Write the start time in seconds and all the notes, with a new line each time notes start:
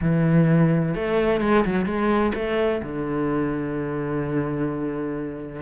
0.01 E3
0.94 A3
1.40 G#3
1.64 F#3
1.85 G#3
2.34 A3
2.82 D3